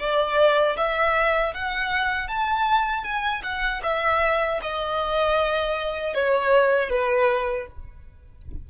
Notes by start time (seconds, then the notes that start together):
0.00 D5
0.77 E5
1.54 F#5
2.28 A5
3.04 G#5
3.43 F#5
3.83 E5
4.62 D#5
6.15 C#5
6.90 B4